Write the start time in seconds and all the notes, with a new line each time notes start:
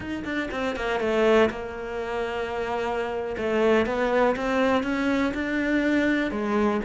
0.00 D#4
0.24 D4
0.51 C4
0.76 A#3
1.00 A3
1.50 A#3
3.37 A3
3.85 B3
4.35 C4
4.83 C#4
5.34 D4
6.31 G#3